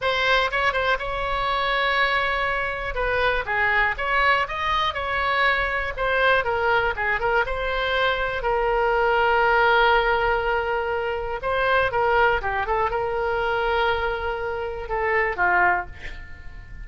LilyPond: \new Staff \with { instrumentName = "oboe" } { \time 4/4 \tempo 4 = 121 c''4 cis''8 c''8 cis''2~ | cis''2 b'4 gis'4 | cis''4 dis''4 cis''2 | c''4 ais'4 gis'8 ais'8 c''4~ |
c''4 ais'2.~ | ais'2. c''4 | ais'4 g'8 a'8 ais'2~ | ais'2 a'4 f'4 | }